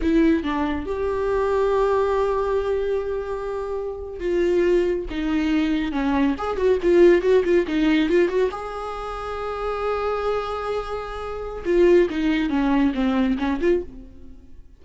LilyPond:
\new Staff \with { instrumentName = "viola" } { \time 4/4 \tempo 4 = 139 e'4 d'4 g'2~ | g'1~ | g'4.~ g'16 f'2 dis'16~ | dis'4.~ dis'16 cis'4 gis'8 fis'8 f'16~ |
f'8. fis'8 f'8 dis'4 f'8 fis'8 gis'16~ | gis'1~ | gis'2. f'4 | dis'4 cis'4 c'4 cis'8 f'8 | }